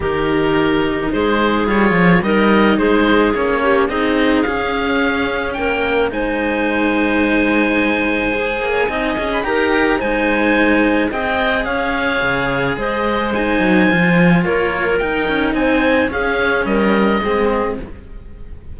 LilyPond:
<<
  \new Staff \with { instrumentName = "oboe" } { \time 4/4 \tempo 4 = 108 ais'2 c''4 cis''4 | dis''4 c''4 cis''4 dis''4 | f''2 g''4 gis''4~ | gis''1~ |
gis''8. b''16 ais''4 gis''2 | g''4 f''2 dis''4 | gis''2 cis''4 g''4 | gis''4 f''4 dis''2 | }
  \new Staff \with { instrumentName = "clarinet" } { \time 4/4 g'2 gis'2 | ais'4 gis'4. g'8 gis'4~ | gis'2 ais'4 c''4~ | c''2.~ c''8. cis''16 |
dis''4 ais'4 c''2 | dis''4 cis''2 c''4~ | c''2 ais'2 | c''4 gis'4 ais'4 gis'4 | }
  \new Staff \with { instrumentName = "cello" } { \time 4/4 dis'2. f'4 | dis'2 cis'4 dis'4 | cis'2. dis'4~ | dis'2. gis'4 |
dis'8 gis'8 g'4 dis'2 | gis'1 | dis'4 f'2 dis'4~ | dis'4 cis'2 c'4 | }
  \new Staff \with { instrumentName = "cello" } { \time 4/4 dis2 gis4 g8 f8 | g4 gis4 ais4 c'4 | cis'2 ais4 gis4~ | gis2.~ gis8 ais8 |
c'8 cis'8 dis'4 gis2 | c'4 cis'4 cis4 gis4~ | gis8 fis8 f4 ais4 dis'8 cis'8 | c'4 cis'4 g4 gis4 | }
>>